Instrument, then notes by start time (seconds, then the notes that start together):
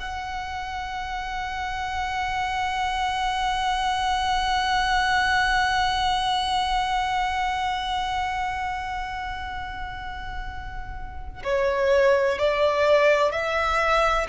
violin
0.00 F#5
11.44 C#5
12.39 D5
13.32 E5